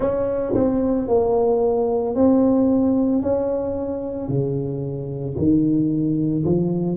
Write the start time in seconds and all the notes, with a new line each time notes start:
0.00 C#4
0.54 C4
1.08 A#3
2.15 C4
3.21 C#4
4.28 C#3
5.37 D#3
6.45 F3